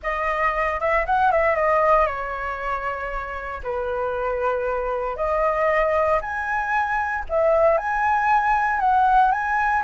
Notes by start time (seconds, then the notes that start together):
0.03 D#5
0.79 E5
1.06 F#5
1.31 E5
1.55 D#5
2.06 C#5
3.63 B4
5.16 D#5
6.21 G#5
7.29 E5
7.77 G#5
8.79 F#5
9.31 G#5